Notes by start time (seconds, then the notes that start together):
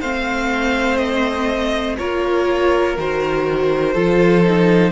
0.00 A3 C4 C5 F5
0.97 D#5
1.98 A#3 F4 A#4 C#5
2.97 D#3 F#4 C5
3.93 F3 F4 A4
4.44 D#4